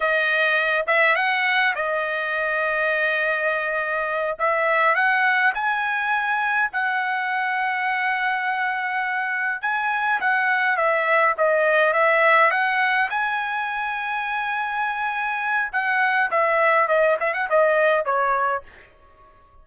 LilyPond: \new Staff \with { instrumentName = "trumpet" } { \time 4/4 \tempo 4 = 103 dis''4. e''8 fis''4 dis''4~ | dis''2.~ dis''8 e''8~ | e''8 fis''4 gis''2 fis''8~ | fis''1~ |
fis''8 gis''4 fis''4 e''4 dis''8~ | dis''8 e''4 fis''4 gis''4.~ | gis''2. fis''4 | e''4 dis''8 e''16 fis''16 dis''4 cis''4 | }